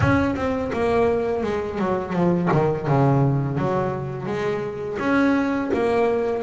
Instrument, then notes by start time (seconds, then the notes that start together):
double bass
0.00 C#4
0.35 C4
0.72 A#3
1.43 G#3
1.78 F#3
2.13 F3
2.52 D#3
2.87 C#3
3.57 F#3
4.26 G#3
4.99 C#4
5.73 A#3